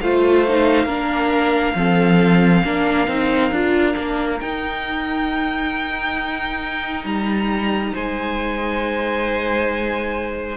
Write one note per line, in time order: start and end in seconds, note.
0.00 0.85 A3
0.00 0.47 F4
0.00 0.85 C5
0.00 4.40 F5
0.48 0.87 D#4
0.85 1.73 A#3
0.85 1.75 D4
0.85 1.74 A#4
1.75 2.63 F3
1.75 2.64 C4
1.75 2.64 A4
2.64 3.07 A#3
2.64 3.07 D4
2.64 7.93 A#4
3.07 3.51 C4
3.07 3.51 D#4
3.51 3.95 D4
3.51 3.93 F4
3.93 4.40 A#3
3.93 4.37 D4
4.40 7.04 D#4
4.40 10.56 D#4
4.40 7.05 G5
7.04 7.92 G3
7.04 7.94 A#5
7.94 10.56 G#3
7.94 10.56 C5
7.94 10.56 G#5